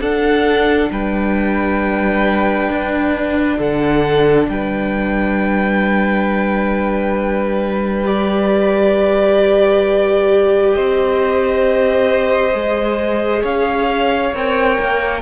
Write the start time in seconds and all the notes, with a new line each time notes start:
0.00 D4 A4 F#5
0.91 G3 B4 G5
2.69 D4
3.57 D3 A4 F#5
4.49 G3 B4 G5
8.04 G4 D5
10.74 C4 C5 D#5
12.52 G#3 G#4
13.43 C#4 C#5 F5
14.33 C4 A#4 G5
14.80 A#3